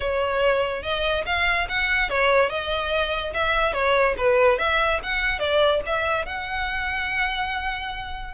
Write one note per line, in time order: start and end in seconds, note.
0.00 0.82 C#5
0.82 1.24 D#5
1.26 1.67 F5
1.69 2.09 F#5
2.09 2.49 C#5
2.49 3.33 D#5
3.33 3.73 E5
3.73 4.15 C#5
4.17 4.58 B4
4.58 5.00 E5
5.03 5.39 F#5
5.39 5.80 D5
5.85 6.25 E5
6.25 8.33 F#5